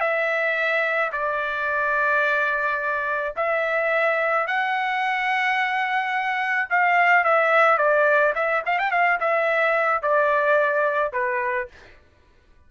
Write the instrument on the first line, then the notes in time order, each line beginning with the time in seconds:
trumpet
0.00 E5
1.12 D5
3.36 E5
4.47 F#5
6.70 F5
7.24 E5
7.78 D5
8.35 E5
8.65 F5
8.79 G5
8.91 F5
9.20 E5
10.02 D5
11.12 B4